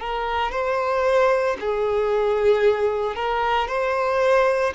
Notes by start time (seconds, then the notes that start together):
0.00 A#4
0.52 C5
1.60 G#4
3.15 A#4
3.68 C5